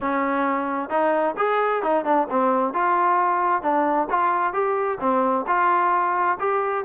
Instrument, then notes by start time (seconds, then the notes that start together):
trombone
0.00 C#4
0.89 D#4
1.37 G#4
1.82 D#4
2.04 D4
2.30 C4
2.73 F4
3.62 D4
4.10 F4
4.53 G4
5.00 C4
5.47 F4
6.39 G4